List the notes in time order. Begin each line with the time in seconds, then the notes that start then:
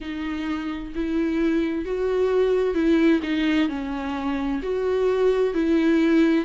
0.00 D#4
0.95 E4
1.85 F#4
2.74 E4
3.23 D#4
3.68 C#4
4.62 F#4
5.54 E4